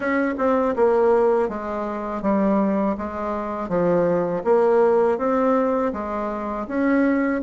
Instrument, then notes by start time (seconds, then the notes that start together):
bassoon
0.00 C#4
0.37 C4
0.75 A#3
1.48 G#3
2.22 G3
2.97 G#3
3.68 F3
4.43 A#3
5.18 C4
5.92 G#3
6.67 C#4